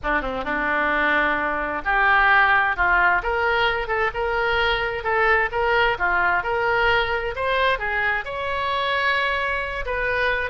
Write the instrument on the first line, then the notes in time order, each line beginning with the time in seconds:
oboe
0.03 D4
0.21 C4
0.44 D4
1.84 G4
2.76 F4
3.22 A#4
3.87 A4
4.14 A#4
5.03 A4
5.51 A#4
5.98 F4
6.43 A#4
7.35 C5
7.78 G#4
8.24 C#5
9.85 B4